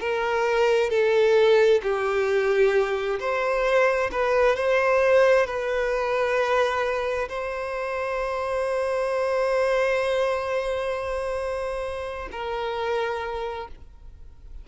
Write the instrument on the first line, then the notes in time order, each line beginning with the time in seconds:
violin
0.00 A#4
0.90 A4
1.83 G4
3.20 C5
4.12 B4
4.56 C5
5.47 B4
7.29 C5
12.32 A#4